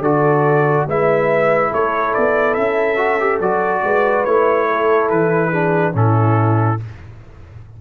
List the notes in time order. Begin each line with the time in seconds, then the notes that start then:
0.00 D3 F#4 A4 D5
0.87 G#3 E4 B4 E5
1.71 A3 A4 C#5
2.15 B3 D5
2.55 C#4 E5
2.97 F#4
3.20 G4
3.40 F#3 F#4 D5
3.84 G#3 B4
4.25 A3 E4 C#5
4.67 A4
5.10 E3 B4
5.50 D4 G#4
5.93 A2 C#4 E4 A4